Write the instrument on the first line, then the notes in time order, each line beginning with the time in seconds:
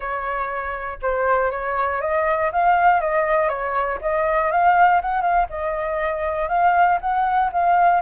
flute
0.00 C#5
1.01 C5
1.51 C#5
2.01 D#5
2.52 F5
3.00 D#5
3.49 C#5
4.01 D#5
4.51 F5
5.01 F#5
5.21 F5
5.49 D#5
6.49 F5
7.00 F#5
7.52 F5